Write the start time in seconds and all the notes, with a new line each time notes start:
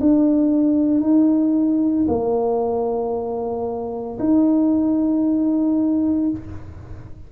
0.00 D4
1.00 D#4
2.08 A#3
4.19 D#4